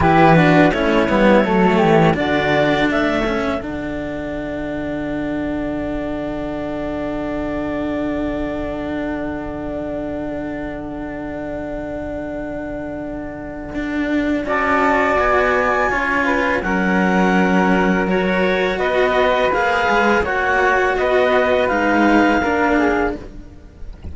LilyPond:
<<
  \new Staff \with { instrumentName = "clarinet" } { \time 4/4 \tempo 4 = 83 b'4 cis''2 d''4 | e''4 fis''2.~ | fis''1~ | fis''1~ |
fis''1 | a''4 gis''2 fis''4~ | fis''4 cis''4 dis''4 f''4 | fis''4 dis''4 f''2 | }
  \new Staff \with { instrumentName = "flute" } { \time 4/4 g'8 fis'8 e'4 a'8 g'8 fis'4 | a'1~ | a'1~ | a'1~ |
a'1 | d''2 cis''8 b'8 ais'4~ | ais'2 b'2 | cis''4 b'2 ais'8 gis'8 | }
  \new Staff \with { instrumentName = "cello" } { \time 4/4 e'8 d'8 cis'8 b8 a4 d'4~ | d'8 cis'8 d'2.~ | d'1~ | d'1~ |
d'1 | fis'2 f'4 cis'4~ | cis'4 fis'2 gis'4 | fis'2 dis'4 d'4 | }
  \new Staff \with { instrumentName = "cello" } { \time 4/4 e4 a8 g8 fis8 e8 d4 | a4 d2.~ | d1~ | d1~ |
d2. d'4 | cis'4 b4 cis'4 fis4~ | fis2 b4 ais8 gis8 | ais4 b4 gis4 ais4 | }
>>